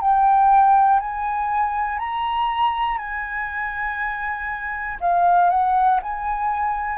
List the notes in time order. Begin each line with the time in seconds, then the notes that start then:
0.00 G5
0.99 G#5
1.99 A#5
2.98 G#5
5.00 F5
5.50 F#5
6.02 G#5